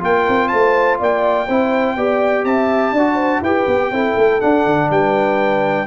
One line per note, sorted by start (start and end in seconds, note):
0.00 0.27 A#3
0.00 1.46 F4
0.00 0.50 A#4
0.00 0.48 G5
0.29 0.53 C4
0.48 1.00 A3
0.48 0.99 C5
0.48 0.97 A5
0.99 1.49 A#3
0.99 1.47 D5
0.99 2.45 G5
1.47 1.96 C4
1.47 1.98 E4
1.47 1.96 C5
1.96 2.45 B3
1.96 2.95 G4
1.96 2.46 D5
2.45 2.92 C4
2.45 2.94 E5
2.45 3.42 A5
2.92 3.41 D4
2.92 3.45 F#4
2.92 3.15 D5
3.15 3.39 C5
3.41 3.65 E4
3.41 3.93 G4
3.41 3.91 B4
3.41 4.41 G5
3.67 3.91 B3
3.91 4.16 C4
3.91 4.41 E4
3.91 4.89 A4
4.17 4.41 A3
4.41 5.87 D4
4.41 4.66 D4
4.41 4.90 F#5
4.66 4.90 D3
4.90 5.87 G3
4.90 5.87 B4
4.90 5.87 G5